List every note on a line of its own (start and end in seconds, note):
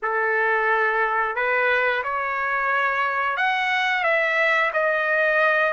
0.02 1.35 A4
1.35 2.03 B4
2.03 3.36 C#5
3.36 4.03 F#5
4.03 4.71 E5
4.73 5.73 D#5